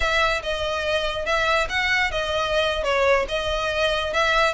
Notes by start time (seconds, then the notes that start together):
0.00 E5
0.42 D#5
1.25 E5
1.69 F#5
2.11 D#5
2.83 C#5
3.28 D#5
4.13 E5